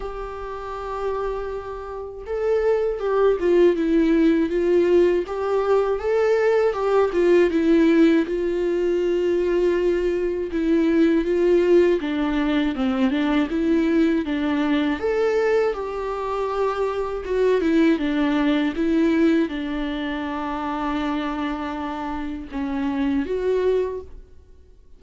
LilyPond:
\new Staff \with { instrumentName = "viola" } { \time 4/4 \tempo 4 = 80 g'2. a'4 | g'8 f'8 e'4 f'4 g'4 | a'4 g'8 f'8 e'4 f'4~ | f'2 e'4 f'4 |
d'4 c'8 d'8 e'4 d'4 | a'4 g'2 fis'8 e'8 | d'4 e'4 d'2~ | d'2 cis'4 fis'4 | }